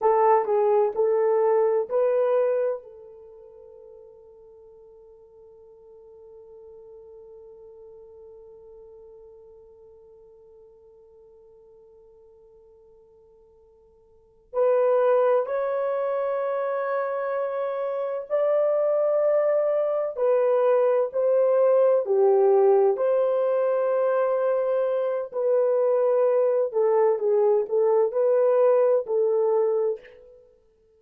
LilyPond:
\new Staff \with { instrumentName = "horn" } { \time 4/4 \tempo 4 = 64 a'8 gis'8 a'4 b'4 a'4~ | a'1~ | a'1~ | a'2.~ a'8 b'8~ |
b'8 cis''2. d''8~ | d''4. b'4 c''4 g'8~ | g'8 c''2~ c''8 b'4~ | b'8 a'8 gis'8 a'8 b'4 a'4 | }